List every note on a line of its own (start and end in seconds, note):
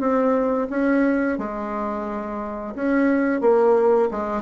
0.00 0.68 C4
0.70 1.39 C#4
1.39 2.75 G#3
2.75 3.41 C#4
3.41 4.09 A#3
4.11 4.42 G#3